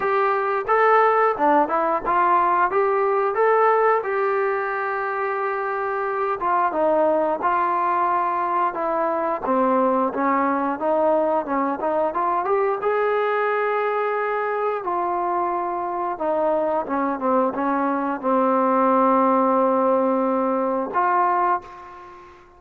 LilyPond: \new Staff \with { instrumentName = "trombone" } { \time 4/4 \tempo 4 = 89 g'4 a'4 d'8 e'8 f'4 | g'4 a'4 g'2~ | g'4. f'8 dis'4 f'4~ | f'4 e'4 c'4 cis'4 |
dis'4 cis'8 dis'8 f'8 g'8 gis'4~ | gis'2 f'2 | dis'4 cis'8 c'8 cis'4 c'4~ | c'2. f'4 | }